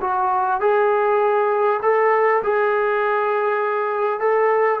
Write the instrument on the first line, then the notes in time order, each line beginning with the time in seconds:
trombone
0.00 F#4
0.60 G#4
1.82 A4
2.43 G#4
4.20 A4